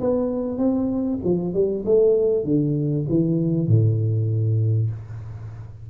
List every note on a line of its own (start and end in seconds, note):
0.00 0.58 B3
0.58 1.19 C4
1.24 1.54 F3
1.54 1.84 G3
1.85 2.44 A3
2.44 3.05 D3
3.09 3.67 E3
3.67 4.90 A2